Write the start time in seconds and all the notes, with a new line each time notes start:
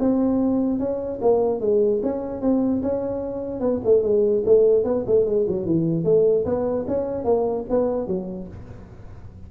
0.00 C4
0.79 C#4
1.22 A#3
1.61 G#3
2.03 C#4
2.42 C4
2.83 C#4
3.61 B3
3.85 A3
4.03 G#3
4.46 A3
4.84 B3
5.07 A3
5.26 G#3
5.48 F#3
5.66 E3
6.05 A3
6.46 B3
6.88 C#4
7.25 A#3
7.70 B3
8.07 F#3